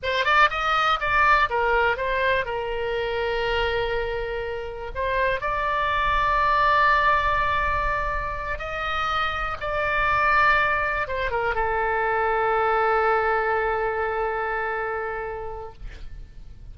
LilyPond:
\new Staff \with { instrumentName = "oboe" } { \time 4/4 \tempo 4 = 122 c''8 d''8 dis''4 d''4 ais'4 | c''4 ais'2.~ | ais'2 c''4 d''4~ | d''1~ |
d''4. dis''2 d''8~ | d''2~ d''8 c''8 ais'8 a'8~ | a'1~ | a'1 | }